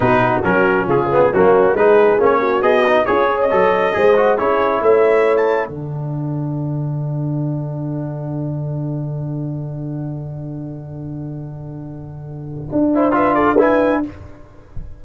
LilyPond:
<<
  \new Staff \with { instrumentName = "trumpet" } { \time 4/4 \tempo 4 = 137 b'4 ais'4 gis'4 fis'4 | b'4 cis''4 dis''4 cis''8. dis''16~ | dis''2 cis''4 e''4~ | e''16 a''8. fis''2.~ |
fis''1~ | fis''1~ | fis''1~ | fis''2 e''8 d''8 gis''4 | }
  \new Staff \with { instrumentName = "horn" } { \time 4/4 fis'2 f'4 cis'4 | gis'4. fis'4. f'8 cis''8~ | cis''4 c''4 gis'4 cis''4~ | cis''4 a'2.~ |
a'1~ | a'1~ | a'1~ | a'4. c''8 b'8 a'8 b'4 | }
  \new Staff \with { instrumentName = "trombone" } { \time 4/4 dis'4 cis'4. b8 ais4 | dis'4 cis'4 gis'8 dis'8 gis'4 | a'4 gis'8 fis'8 e'2~ | e'4 d'2.~ |
d'1~ | d'1~ | d'1~ | d'4. e'8 f'4 e'4 | }
  \new Staff \with { instrumentName = "tuba" } { \time 4/4 b,4 fis4 cis4 fis4 | gis4 ais4 b4 cis'4 | fis4 gis4 cis'4 a4~ | a4 d2.~ |
d1~ | d1~ | d1~ | d4 d'2. | }
>>